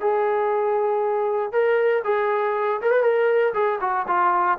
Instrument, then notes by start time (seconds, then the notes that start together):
trombone
0.00 G#4
1.52 A#4
2.04 G#4
2.81 A#4
2.91 B4
3.02 A#4
3.53 G#4
3.80 F#4
4.07 F4